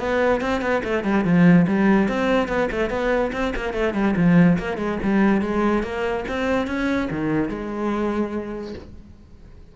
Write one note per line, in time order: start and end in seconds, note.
0.00 0.41 B3
0.41 0.62 C4
0.62 0.83 B3
0.84 1.04 A3
1.04 1.25 G3
1.25 1.67 F3
1.68 2.09 G3
2.09 2.48 C4
2.48 2.69 B3
2.72 2.90 A3
2.90 3.32 B3
3.33 3.54 C4
3.56 3.74 A#3
3.74 3.94 A3
3.94 4.15 G3
4.17 4.59 F3
4.59 4.78 A#3
4.78 4.99 G#3
5.03 5.42 G3
5.42 5.84 G#3
5.84 6.25 A#3
6.29 6.68 C4
6.68 7.09 C#4
7.11 7.50 D#3
7.50 8.75 G#3